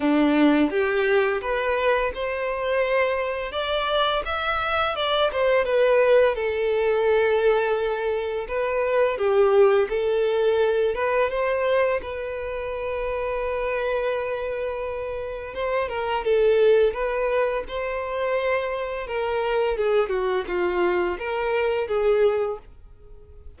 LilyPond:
\new Staff \with { instrumentName = "violin" } { \time 4/4 \tempo 4 = 85 d'4 g'4 b'4 c''4~ | c''4 d''4 e''4 d''8 c''8 | b'4 a'2. | b'4 g'4 a'4. b'8 |
c''4 b'2.~ | b'2 c''8 ais'8 a'4 | b'4 c''2 ais'4 | gis'8 fis'8 f'4 ais'4 gis'4 | }